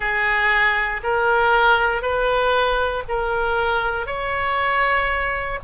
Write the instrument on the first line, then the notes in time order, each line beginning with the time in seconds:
oboe
0.00 G#4
1.03 A#4
2.02 B4
3.08 A#4
4.06 C#5